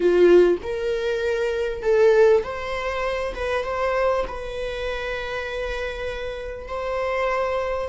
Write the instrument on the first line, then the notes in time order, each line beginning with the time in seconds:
viola
0.00 F4
0.62 A#4
1.82 A4
2.43 C5
3.34 B4
3.64 C5
4.27 B4
6.67 C5